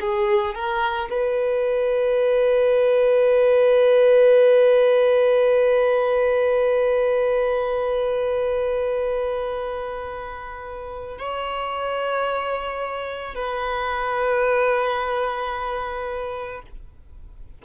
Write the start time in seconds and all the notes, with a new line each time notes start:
0.00 G#4
0.55 A#4
1.10 B4
11.18 C#5
13.34 B4